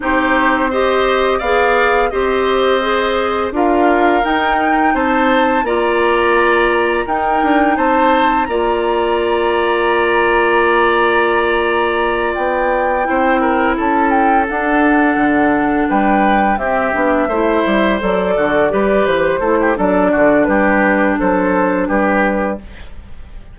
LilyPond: <<
  \new Staff \with { instrumentName = "flute" } { \time 4/4 \tempo 4 = 85 c''4 dis''4 f''4 dis''4~ | dis''4 f''4 g''4 a''4 | ais''2 g''4 a''4 | ais''1~ |
ais''4. g''2 a''8 | g''8 fis''2 g''4 e''8~ | e''4. d''4. c''4 | d''4 b'4 c''4 b'4 | }
  \new Staff \with { instrumentName = "oboe" } { \time 4/4 g'4 c''4 d''4 c''4~ | c''4 ais'2 c''4 | d''2 ais'4 c''4 | d''1~ |
d''2~ d''8 c''8 ais'8 a'8~ | a'2~ a'8 b'4 g'8~ | g'8 c''4. fis'8 b'4 a'16 g'16 | a'8 fis'8 g'4 a'4 g'4 | }
  \new Staff \with { instrumentName = "clarinet" } { \time 4/4 dis'4 g'4 gis'4 g'4 | gis'4 f'4 dis'2 | f'2 dis'2 | f'1~ |
f'2~ f'8 e'4.~ | e'8 d'2. c'8 | d'8 e'4 a'4 g'4 e'8 | d'1 | }
  \new Staff \with { instrumentName = "bassoon" } { \time 4/4 c'2 b4 c'4~ | c'4 d'4 dis'4 c'4 | ais2 dis'8 d'8 c'4 | ais1~ |
ais4. b4 c'4 cis'8~ | cis'8 d'4 d4 g4 c'8 | b8 a8 g8 fis8 d8 g8 e8 a8 | fis8 d8 g4 fis4 g4 | }
>>